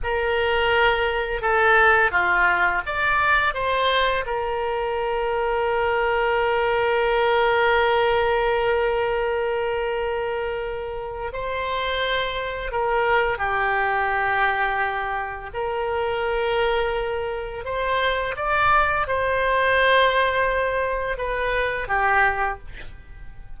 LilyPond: \new Staff \with { instrumentName = "oboe" } { \time 4/4 \tempo 4 = 85 ais'2 a'4 f'4 | d''4 c''4 ais'2~ | ais'1~ | ais'1 |
c''2 ais'4 g'4~ | g'2 ais'2~ | ais'4 c''4 d''4 c''4~ | c''2 b'4 g'4 | }